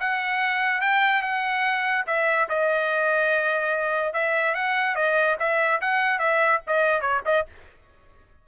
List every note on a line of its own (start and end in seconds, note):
0.00 0.81 F#5
0.81 1.22 G5
1.23 2.05 F#5
2.07 2.48 E5
2.49 4.13 D#5
4.13 4.55 E5
4.55 4.96 F#5
4.96 5.37 D#5
5.40 5.81 E5
5.81 6.19 F#5
6.19 6.61 E5
6.67 7.01 D#5
7.01 7.22 C#5
7.26 7.47 D#5